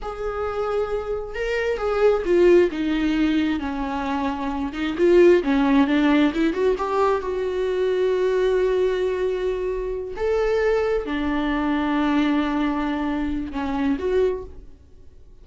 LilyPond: \new Staff \with { instrumentName = "viola" } { \time 4/4 \tempo 4 = 133 gis'2. ais'4 | gis'4 f'4 dis'2 | cis'2~ cis'8 dis'8 f'4 | cis'4 d'4 e'8 fis'8 g'4 |
fis'1~ | fis'2~ fis'8 a'4.~ | a'8 d'2.~ d'8~ | d'2 cis'4 fis'4 | }